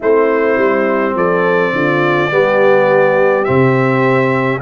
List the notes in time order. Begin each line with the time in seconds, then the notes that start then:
0.00 A3 C4 E4 C5
0.57 G3
1.15 F3 A4 D5
1.73 D3 F4
2.30 G3 B3 G4
3.44 C3 C4 E5